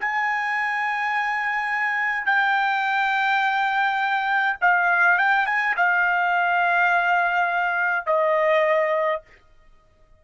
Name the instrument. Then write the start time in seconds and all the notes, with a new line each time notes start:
trumpet
0.00 G#5
2.26 G5
4.61 F5
5.18 G5
5.46 G#5
5.76 F5
8.06 D#5